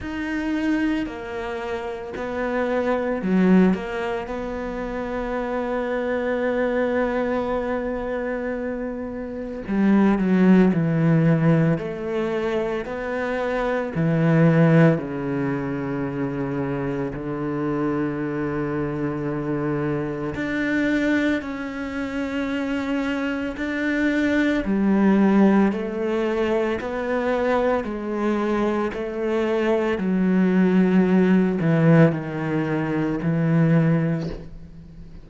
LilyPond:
\new Staff \with { instrumentName = "cello" } { \time 4/4 \tempo 4 = 56 dis'4 ais4 b4 fis8 ais8 | b1~ | b4 g8 fis8 e4 a4 | b4 e4 cis2 |
d2. d'4 | cis'2 d'4 g4 | a4 b4 gis4 a4 | fis4. e8 dis4 e4 | }